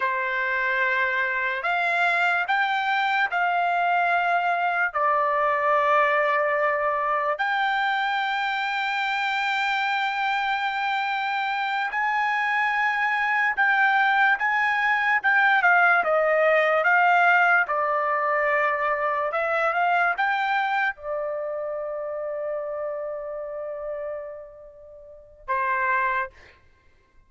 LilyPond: \new Staff \with { instrumentName = "trumpet" } { \time 4/4 \tempo 4 = 73 c''2 f''4 g''4 | f''2 d''2~ | d''4 g''2.~ | g''2~ g''8 gis''4.~ |
gis''8 g''4 gis''4 g''8 f''8 dis''8~ | dis''8 f''4 d''2 e''8 | f''8 g''4 d''2~ d''8~ | d''2. c''4 | }